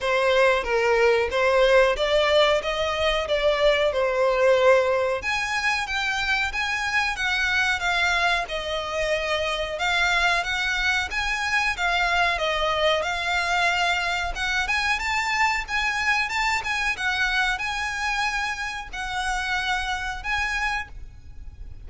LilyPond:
\new Staff \with { instrumentName = "violin" } { \time 4/4 \tempo 4 = 92 c''4 ais'4 c''4 d''4 | dis''4 d''4 c''2 | gis''4 g''4 gis''4 fis''4 | f''4 dis''2 f''4 |
fis''4 gis''4 f''4 dis''4 | f''2 fis''8 gis''8 a''4 | gis''4 a''8 gis''8 fis''4 gis''4~ | gis''4 fis''2 gis''4 | }